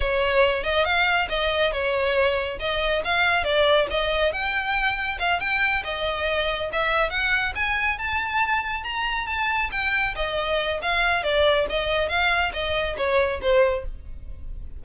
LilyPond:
\new Staff \with { instrumentName = "violin" } { \time 4/4 \tempo 4 = 139 cis''4. dis''8 f''4 dis''4 | cis''2 dis''4 f''4 | d''4 dis''4 g''2 | f''8 g''4 dis''2 e''8~ |
e''8 fis''4 gis''4 a''4.~ | a''8 ais''4 a''4 g''4 dis''8~ | dis''4 f''4 d''4 dis''4 | f''4 dis''4 cis''4 c''4 | }